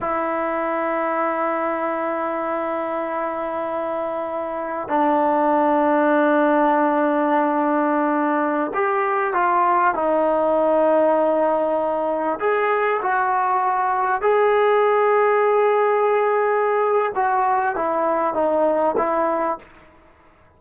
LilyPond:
\new Staff \with { instrumentName = "trombone" } { \time 4/4 \tempo 4 = 98 e'1~ | e'1 | d'1~ | d'2~ d'16 g'4 f'8.~ |
f'16 dis'2.~ dis'8.~ | dis'16 gis'4 fis'2 gis'8.~ | gis'1 | fis'4 e'4 dis'4 e'4 | }